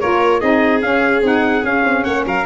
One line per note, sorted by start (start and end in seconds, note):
0.00 0.42 A#3
0.00 0.41 F4
0.00 0.40 A#4
0.00 0.40 C#5
0.40 0.82 C4
0.40 0.82 D#4
0.40 2.04 G#4
0.40 0.81 D#5
0.82 1.21 C#4
0.82 1.23 C#4
0.82 1.23 F5
1.21 1.62 C4
1.21 1.63 D#4
1.21 1.65 F#5
1.63 1.84 C#4
1.63 2.45 C#4
1.63 2.04 F5
1.84 2.05 C4
2.04 2.26 A#3
2.04 2.25 C#5
2.04 2.24 F#5
2.26 2.45 F#3
2.26 2.45 A#4
2.26 2.45 F5